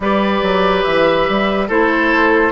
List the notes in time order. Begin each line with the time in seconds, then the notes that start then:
0.00 G3 G4 B4 D5
0.42 F#3
0.83 E3 E5
1.28 G3
1.68 A3 E4 A4 C5